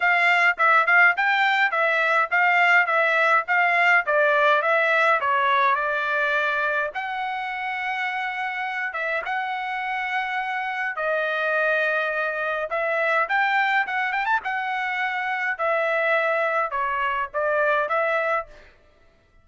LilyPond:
\new Staff \with { instrumentName = "trumpet" } { \time 4/4 \tempo 4 = 104 f''4 e''8 f''8 g''4 e''4 | f''4 e''4 f''4 d''4 | e''4 cis''4 d''2 | fis''2.~ fis''8 e''8 |
fis''2. dis''4~ | dis''2 e''4 g''4 | fis''8 g''16 a''16 fis''2 e''4~ | e''4 cis''4 d''4 e''4 | }